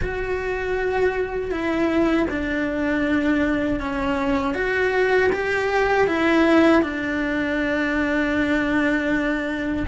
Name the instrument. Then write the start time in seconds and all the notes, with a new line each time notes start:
cello
0.02 F#4
1.51 E4
2.30 D4
3.80 C#4
4.54 F#4
5.32 G4
6.07 E4
6.82 D4